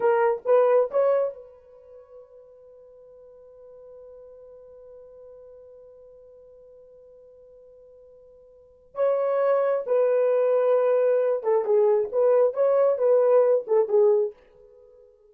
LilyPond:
\new Staff \with { instrumentName = "horn" } { \time 4/4 \tempo 4 = 134 ais'4 b'4 cis''4 b'4~ | b'1~ | b'1~ | b'1~ |
b'1 | cis''2 b'2~ | b'4. a'8 gis'4 b'4 | cis''4 b'4. a'8 gis'4 | }